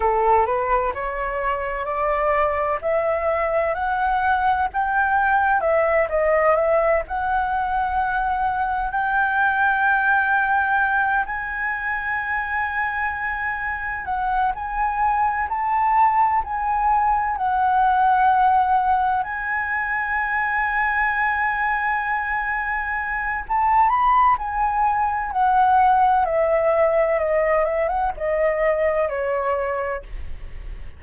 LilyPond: \new Staff \with { instrumentName = "flute" } { \time 4/4 \tempo 4 = 64 a'8 b'8 cis''4 d''4 e''4 | fis''4 g''4 e''8 dis''8 e''8 fis''8~ | fis''4. g''2~ g''8 | gis''2. fis''8 gis''8~ |
gis''8 a''4 gis''4 fis''4.~ | fis''8 gis''2.~ gis''8~ | gis''4 a''8 b''8 gis''4 fis''4 | e''4 dis''8 e''16 fis''16 dis''4 cis''4 | }